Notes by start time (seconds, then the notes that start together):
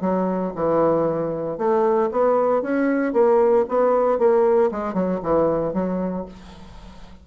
0.00 F#3
0.55 E3
1.57 A3
2.11 B3
2.62 C#4
3.13 A#3
3.68 B3
4.18 A#3
4.71 G#3
4.93 F#3
5.22 E3
5.73 F#3